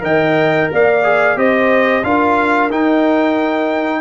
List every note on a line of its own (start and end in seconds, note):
0.00 0.68 D#3
0.00 1.00 A#4
0.00 0.69 D#5
0.00 0.70 G5
0.72 1.36 A#3
0.72 1.38 D5
0.72 1.38 F5
1.03 1.36 G#4
1.36 2.03 C4
1.36 2.03 G4
1.36 2.05 C5
1.36 2.04 D#5
2.03 2.70 D4
2.03 2.70 F4
2.03 4.01 A#4
2.03 2.70 F5
2.70 4.01 D#4
2.70 4.01 G5